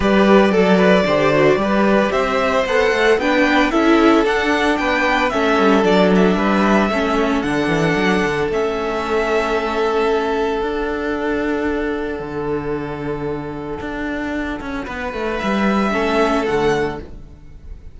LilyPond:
<<
  \new Staff \with { instrumentName = "violin" } { \time 4/4 \tempo 4 = 113 d''1 | e''4 fis''4 g''4 e''4 | fis''4 g''4 e''4 d''8 e''8~ | e''2 fis''2 |
e''1 | fis''1~ | fis''1~ | fis''4 e''2 fis''4 | }
  \new Staff \with { instrumentName = "violin" } { \time 4/4 b'4 a'8 b'8 c''4 b'4 | c''2 b'4 a'4~ | a'4 b'4 a'2 | b'4 a'2.~ |
a'1~ | a'1~ | a'1 | b'2 a'2 | }
  \new Staff \with { instrumentName = "viola" } { \time 4/4 g'4 a'4 g'8 fis'8 g'4~ | g'4 a'4 d'4 e'4 | d'2 cis'4 d'4~ | d'4 cis'4 d'2 |
cis'1 | d'1~ | d'1~ | d'2 cis'4 a4 | }
  \new Staff \with { instrumentName = "cello" } { \time 4/4 g4 fis4 d4 g4 | c'4 b8 a8 b4 cis'4 | d'4 b4 a8 g8 fis4 | g4 a4 d8 e8 fis8 d8 |
a1 | d'2. d4~ | d2 d'4. cis'8 | b8 a8 g4 a4 d4 | }
>>